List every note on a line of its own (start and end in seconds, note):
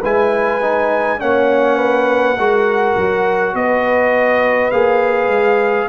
0.00 1.21 G#3
0.00 0.62 E4
0.00 1.18 B4
0.00 1.20 G#5
0.62 1.19 D#4
1.19 2.37 A#3
1.19 2.36 C#4
1.19 1.78 C#5
1.19 3.56 F#5
1.78 2.37 B4
2.37 2.96 G#3
2.37 4.72 F#4
2.37 3.56 A#4
2.97 3.54 F#3
3.54 4.72 B3
3.54 5.89 B4
3.54 4.71 D#5
4.71 5.28 A#3
4.71 5.89 G#4
4.71 5.89 F5
5.28 5.87 G#3